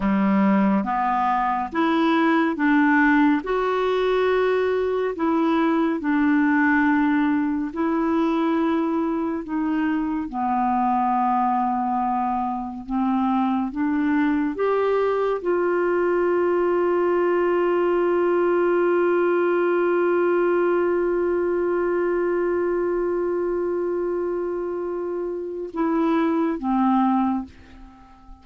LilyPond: \new Staff \with { instrumentName = "clarinet" } { \time 4/4 \tempo 4 = 70 g4 b4 e'4 d'4 | fis'2 e'4 d'4~ | d'4 e'2 dis'4 | b2. c'4 |
d'4 g'4 f'2~ | f'1~ | f'1~ | f'2 e'4 c'4 | }